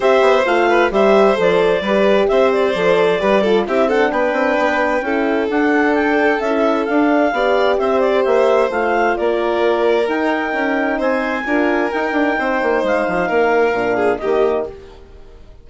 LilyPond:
<<
  \new Staff \with { instrumentName = "clarinet" } { \time 4/4 \tempo 4 = 131 e''4 f''4 e''4 d''4~ | d''4 e''8 d''2~ d''8 | e''8 fis''8 g''2. | fis''4 g''4 e''4 f''4~ |
f''4 e''8 d''8 e''4 f''4 | d''2 g''2 | gis''2 g''2 | f''2. dis''4 | }
  \new Staff \with { instrumentName = "violin" } { \time 4/4 c''4. b'8 c''2 | b'4 c''2 b'8 a'8 | g'8 a'8 b'2 a'4~ | a'1 |
d''4 c''2. | ais'1 | c''4 ais'2 c''4~ | c''4 ais'4. gis'8 g'4 | }
  \new Staff \with { instrumentName = "horn" } { \time 4/4 g'4 f'4 g'4 a'4 | g'2 a'4 g'8 f'8 | e'8 d'2~ d'8 e'4 | d'2 e'4 d'4 |
g'2. f'4~ | f'2 dis'2~ | dis'4 f'4 dis'2~ | dis'2 d'4 ais4 | }
  \new Staff \with { instrumentName = "bassoon" } { \time 4/4 c'8 b8 a4 g4 f4 | g4 c'4 f4 g4 | c'4 b8 c'8 b4 cis'4 | d'2 cis'4 d'4 |
b4 c'4 ais4 a4 | ais2 dis'4 cis'4 | c'4 d'4 dis'8 d'8 c'8 ais8 | gis8 f8 ais4 ais,4 dis4 | }
>>